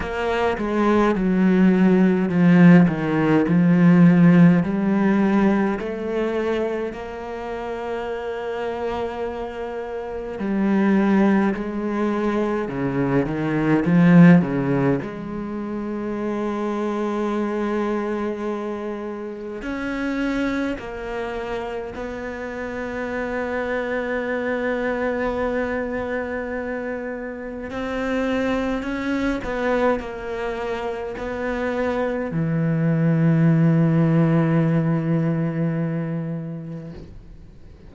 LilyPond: \new Staff \with { instrumentName = "cello" } { \time 4/4 \tempo 4 = 52 ais8 gis8 fis4 f8 dis8 f4 | g4 a4 ais2~ | ais4 g4 gis4 cis8 dis8 | f8 cis8 gis2.~ |
gis4 cis'4 ais4 b4~ | b1 | c'4 cis'8 b8 ais4 b4 | e1 | }